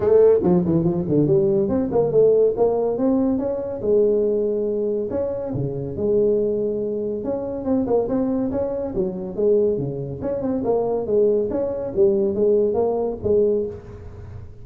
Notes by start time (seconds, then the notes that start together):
0.00 A3
0.43 F3
0.65 E3
0.84 F3
1.08 D3
1.26 G3
1.68 C4
1.91 A#3
2.11 A3
2.56 A#3
2.97 C4
3.38 C#4
3.81 G#3
5.10 C#4
5.54 C#3
5.96 G#3
7.24 C#4
7.65 C4
7.86 A#3
8.08 C4
8.51 C#4
8.95 F#3
9.36 G#3
9.78 C#3
10.21 C#4
10.42 C4
10.64 A#3
11.06 G#3
11.50 C#4
11.95 G3
12.34 G#3
12.74 A#3
13.23 G#3